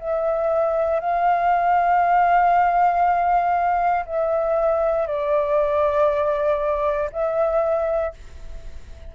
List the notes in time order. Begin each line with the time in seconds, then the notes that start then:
0.00 E5
1.00 F5
4.06 E5
5.07 D5
7.12 E5